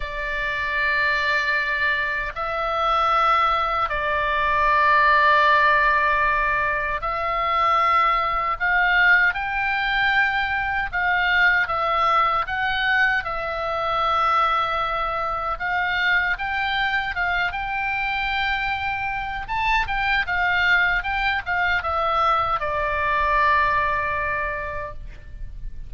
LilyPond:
\new Staff \with { instrumentName = "oboe" } { \time 4/4 \tempo 4 = 77 d''2. e''4~ | e''4 d''2.~ | d''4 e''2 f''4 | g''2 f''4 e''4 |
fis''4 e''2. | f''4 g''4 f''8 g''4.~ | g''4 a''8 g''8 f''4 g''8 f''8 | e''4 d''2. | }